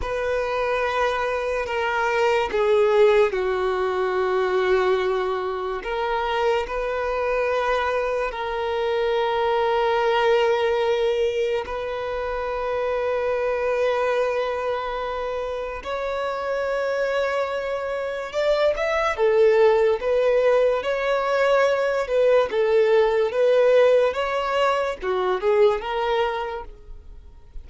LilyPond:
\new Staff \with { instrumentName = "violin" } { \time 4/4 \tempo 4 = 72 b'2 ais'4 gis'4 | fis'2. ais'4 | b'2 ais'2~ | ais'2 b'2~ |
b'2. cis''4~ | cis''2 d''8 e''8 a'4 | b'4 cis''4. b'8 a'4 | b'4 cis''4 fis'8 gis'8 ais'4 | }